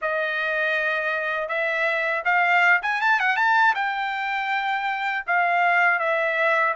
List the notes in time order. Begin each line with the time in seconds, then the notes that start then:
0.01 D#5
1.48 E5
2.24 F5
2.82 G#5
3.01 A5
3.19 F#5
3.36 A5
3.74 G5
5.26 F5
5.99 E5